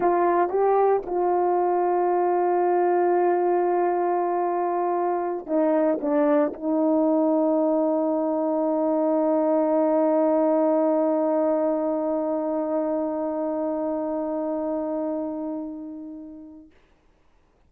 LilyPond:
\new Staff \with { instrumentName = "horn" } { \time 4/4 \tempo 4 = 115 f'4 g'4 f'2~ | f'1~ | f'2~ f'8 dis'4 d'8~ | d'8 dis'2.~ dis'8~ |
dis'1~ | dis'1~ | dis'1~ | dis'1 | }